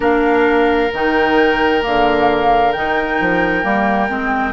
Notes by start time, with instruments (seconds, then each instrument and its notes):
0.00 bassoon A#3, clarinet D4, oboe A#4, flute F5
0.92 bassoon D#3, clarinet D#4, flute G5
1.81 bassoon D3, clarinet A#3, flute F5
2.72 bassoon D#3, clarinet D#4, flute G5
3.20 bassoon F3
3.63 bassoon G3, clarinet A#3
4.08 bassoon G#3, clarinet C4